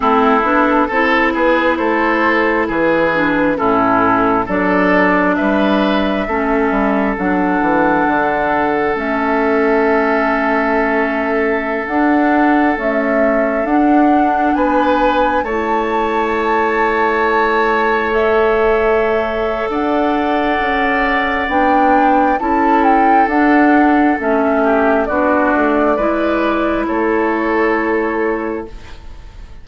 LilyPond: <<
  \new Staff \with { instrumentName = "flute" } { \time 4/4 \tempo 4 = 67 a'4. b'8 c''4 b'4 | a'4 d''4 e''2 | fis''2 e''2~ | e''4~ e''16 fis''4 e''4 fis''8.~ |
fis''16 gis''4 a''2~ a''8.~ | a''16 e''4.~ e''16 fis''2 | g''4 a''8 g''8 fis''4 e''4 | d''2 cis''2 | }
  \new Staff \with { instrumentName = "oboe" } { \time 4/4 e'4 a'8 gis'8 a'4 gis'4 | e'4 a'4 b'4 a'4~ | a'1~ | a'1~ |
a'16 b'4 cis''2~ cis''8.~ | cis''2 d''2~ | d''4 a'2~ a'8 g'8 | fis'4 b'4 a'2 | }
  \new Staff \with { instrumentName = "clarinet" } { \time 4/4 c'8 d'8 e'2~ e'8 d'8 | cis'4 d'2 cis'4 | d'2 cis'2~ | cis'4~ cis'16 d'4 a4 d'8.~ |
d'4~ d'16 e'2~ e'8.~ | e'16 a'2.~ a'8. | d'4 e'4 d'4 cis'4 | d'4 e'2. | }
  \new Staff \with { instrumentName = "bassoon" } { \time 4/4 a8 b8 c'8 b8 a4 e4 | a,4 fis4 g4 a8 g8 | fis8 e8 d4 a2~ | a4~ a16 d'4 cis'4 d'8.~ |
d'16 b4 a2~ a8.~ | a2 d'4 cis'4 | b4 cis'4 d'4 a4 | b8 a8 gis4 a2 | }
>>